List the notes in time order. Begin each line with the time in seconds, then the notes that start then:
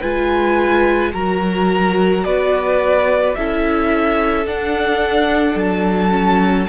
0.00 G#3 F4 B4 G#5
1.13 F#3 F#4 A#4 A#5
2.24 B3 B4 D5
3.35 C#4 E4 A4 E5
4.45 D4 F#5
5.55 F#3 A5
6.10 C#4